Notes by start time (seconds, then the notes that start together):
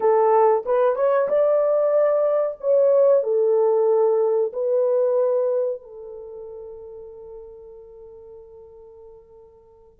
0.00 A4
0.65 B4
0.95 C#5
1.28 D5
2.60 C#5
3.23 A4
4.52 B4
5.82 A4